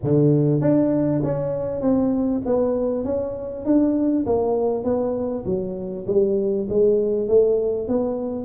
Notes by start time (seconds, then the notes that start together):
0.03 D3
0.61 D4
1.23 C#4
1.81 C4
2.45 B3
3.04 C#4
3.65 D4
4.26 A#3
4.83 B3
5.45 F#3
6.07 G3
6.69 G#3
7.28 A3
7.88 B3